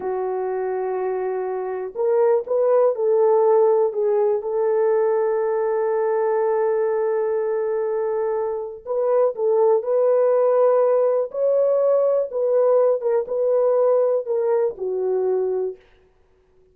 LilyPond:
\new Staff \with { instrumentName = "horn" } { \time 4/4 \tempo 4 = 122 fis'1 | ais'4 b'4 a'2 | gis'4 a'2.~ | a'1~ |
a'2 b'4 a'4 | b'2. cis''4~ | cis''4 b'4. ais'8 b'4~ | b'4 ais'4 fis'2 | }